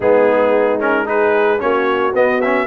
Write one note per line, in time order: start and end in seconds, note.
0.00 1.61 G#3
0.00 0.79 B3
0.00 1.07 D#4
0.00 0.79 G#4
0.79 1.05 C#4
0.79 1.06 A#4
1.05 1.58 D#4
1.05 1.60 G#4
1.05 1.60 B4
1.58 2.13 A#3
1.58 2.12 C#4
1.58 2.67 F#4
1.58 2.13 C#5
2.13 2.67 B3
2.13 2.41 B3
2.13 2.41 D#5
2.41 2.67 C#4
2.41 2.67 E5